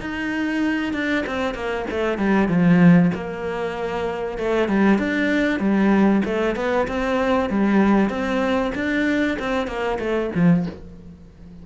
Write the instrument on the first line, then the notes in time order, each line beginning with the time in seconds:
cello
0.00 D#4
0.93 D4
1.27 C4
1.55 A#3
1.91 A3
2.18 G3
2.49 F3
3.14 A#3
4.38 A3
4.68 G3
4.99 D4
5.60 G3
6.25 A3
6.56 B3
6.88 C4
7.50 G3
8.10 C4
8.75 D4
9.39 C4
9.67 A#3
9.99 A3
10.35 F3